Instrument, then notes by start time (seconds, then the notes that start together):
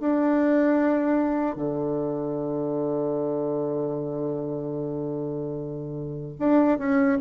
bassoon
0.00 D4
1.56 D3
6.39 D4
6.79 C#4